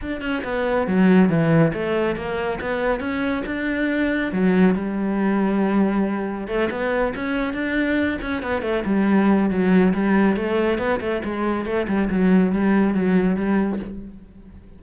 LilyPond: \new Staff \with { instrumentName = "cello" } { \time 4/4 \tempo 4 = 139 d'8 cis'8 b4 fis4 e4 | a4 ais4 b4 cis'4 | d'2 fis4 g4~ | g2. a8 b8~ |
b8 cis'4 d'4. cis'8 b8 | a8 g4. fis4 g4 | a4 b8 a8 gis4 a8 g8 | fis4 g4 fis4 g4 | }